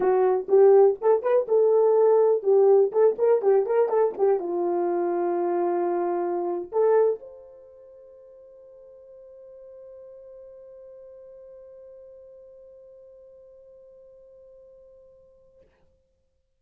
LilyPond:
\new Staff \with { instrumentName = "horn" } { \time 4/4 \tempo 4 = 123 fis'4 g'4 a'8 b'8 a'4~ | a'4 g'4 a'8 ais'8 g'8 ais'8 | a'8 g'8 f'2.~ | f'4.~ f'16 a'4 c''4~ c''16~ |
c''1~ | c''1~ | c''1~ | c''1 | }